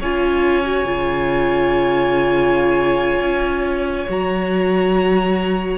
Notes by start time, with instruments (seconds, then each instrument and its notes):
0.00 cello C#4, viola F4, violin C#5 G#5
0.64 viola F#4
0.85 cello C#3, viola F4
3.20 cello C#4
4.08 cello F#3, viola F#4, violin A#5